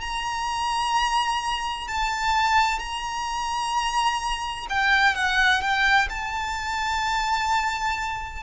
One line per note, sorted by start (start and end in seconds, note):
0.00 1.87 A#5
1.87 2.79 A5
2.79 4.66 A#5
4.69 5.15 G5
5.15 5.61 F#5
5.61 6.08 G5
6.09 8.43 A5